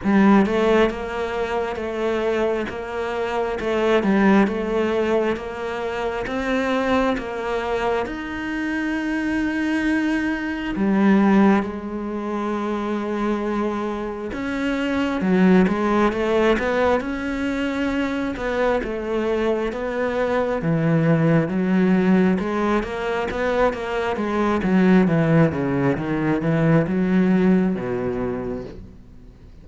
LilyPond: \new Staff \with { instrumentName = "cello" } { \time 4/4 \tempo 4 = 67 g8 a8 ais4 a4 ais4 | a8 g8 a4 ais4 c'4 | ais4 dis'2. | g4 gis2. |
cis'4 fis8 gis8 a8 b8 cis'4~ | cis'8 b8 a4 b4 e4 | fis4 gis8 ais8 b8 ais8 gis8 fis8 | e8 cis8 dis8 e8 fis4 b,4 | }